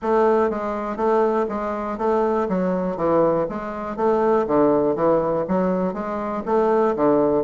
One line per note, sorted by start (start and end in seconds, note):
0.02 0.50 A3
0.50 0.96 G#3
0.96 1.46 A3
1.49 1.97 G#3
1.97 2.47 A3
2.48 2.96 F#3
2.96 3.46 E3
3.49 3.96 G#3
3.96 4.45 A3
4.47 4.95 D3
4.95 5.45 E3
5.48 5.93 F#3
5.93 6.43 G#3
6.45 6.95 A3
6.96 7.44 D3